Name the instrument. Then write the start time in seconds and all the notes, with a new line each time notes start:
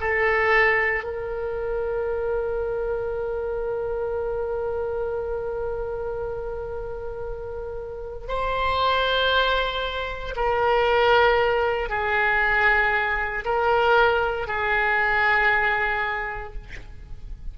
oboe
0.00 A4
1.03 A#4
8.28 C5
10.36 A#4
11.89 G#4
13.44 A#4
14.47 G#4